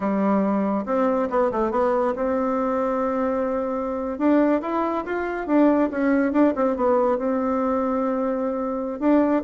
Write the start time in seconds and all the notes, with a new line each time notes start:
0.00 G3
0.85 C4
1.30 B3
1.51 A3
1.71 B3
2.15 C4
4.18 D4
4.61 E4
5.05 F4
5.46 D4
5.90 C#4
6.32 D4
6.55 C4
6.76 B3
7.18 C4
8.99 D4